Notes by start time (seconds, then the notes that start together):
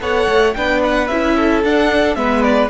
0.00 B3 A4 C#5 F#5
0.28 A3
0.54 B3 D4 B4 G5
0.84 F#5
1.08 C#4 E4 E5
1.36 A4
1.64 D4 F#5
2.16 G#3 B3 B4 E5
2.43 D5